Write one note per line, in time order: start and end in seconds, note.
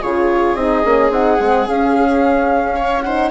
0.00 0.55 C#3
0.00 0.57 F4
0.00 2.75 G#4
0.00 0.56 C#5
0.55 0.83 C4
0.55 0.85 D#4
0.55 1.11 D#5
0.85 1.10 A#3
0.85 1.11 C#4
1.10 1.38 C4
1.10 1.39 D#4
1.10 1.68 F#5
1.40 1.68 G#3
1.40 1.66 C4
1.66 3.03 C#4
1.66 3.31 C#4
1.66 3.01 F5
2.76 3.03 C#5
3.01 3.31 D#4
3.01 3.31 C5
3.01 3.29 F#5